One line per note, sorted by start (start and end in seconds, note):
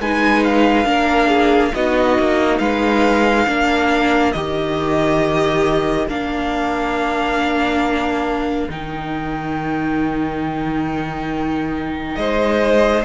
0.00 0.85 G#3
0.00 0.85 D#4
0.00 0.87 B4
0.00 0.44 G#5
0.44 1.75 F5
0.85 1.72 A#3
0.85 1.72 D4
0.85 1.28 A#4
1.28 1.72 G#4
1.75 2.19 B3
1.75 3.47 D#4
1.75 2.61 F#4
1.75 2.59 D#5
2.19 2.60 A#3
2.59 3.47 G#3
2.59 3.48 B4
2.59 4.32 F5
3.47 4.34 A#3
3.47 4.34 D4
3.47 12.17 A#4
4.32 6.07 D#3
4.32 6.09 G4
4.32 6.06 D#5
6.07 8.68 A#3
6.07 8.69 D4
6.07 8.71 F5
8.69 12.17 D#3
8.69 13.05 D#4
8.69 12.16 G5
12.16 13.04 G#3
12.16 13.05 C5
12.16 13.03 D#5